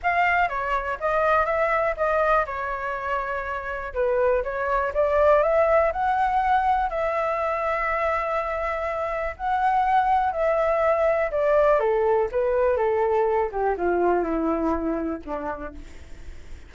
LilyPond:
\new Staff \with { instrumentName = "flute" } { \time 4/4 \tempo 4 = 122 f''4 cis''4 dis''4 e''4 | dis''4 cis''2. | b'4 cis''4 d''4 e''4 | fis''2 e''2~ |
e''2. fis''4~ | fis''4 e''2 d''4 | a'4 b'4 a'4. g'8 | f'4 e'2 d'4 | }